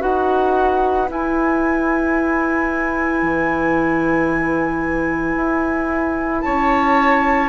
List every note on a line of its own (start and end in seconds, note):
0.00 1.10 D#4
0.00 1.07 F#4
0.00 6.44 B4
0.00 1.09 F#5
1.08 7.49 E4
1.08 3.23 E4
1.08 6.42 G#5
3.23 5.36 E3
5.36 6.43 E4
6.42 7.49 C#4
6.42 7.49 C#5
6.42 7.49 A5